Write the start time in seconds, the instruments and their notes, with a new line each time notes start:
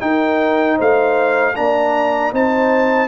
0.00 trombone D#4, tuba D#4, horn A#4, trumpet G5
0.76 tuba A3, horn C5, trumpet F5
1.55 tuba A#3, trombone D4, horn D5, trumpet A#5
2.32 tuba C4, trombone D#4, horn C5, trumpet A5